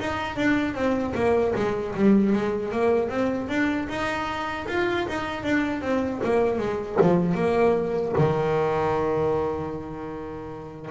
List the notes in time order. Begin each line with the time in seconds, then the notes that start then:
0.00 D#4
0.36 D4
0.74 C4
1.14 A#3
1.55 G#3
1.95 G3
2.33 G#3
2.72 A#3
3.10 C4
3.49 D4
3.89 D#4
4.68 F4
5.08 D#4
5.43 D4
5.82 C4
6.24 A#3
6.58 G#3
7.01 F3
7.35 A#3
8.18 D#3